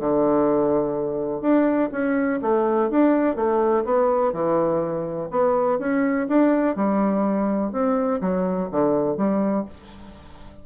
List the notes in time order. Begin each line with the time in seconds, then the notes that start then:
0.00 D3
1.41 D4
1.92 C#4
2.42 A3
2.90 D4
3.36 A3
3.84 B3
4.33 E3
5.31 B3
5.79 C#4
6.28 D4
6.76 G3
7.72 C4
8.21 F#3
8.71 D3
9.17 G3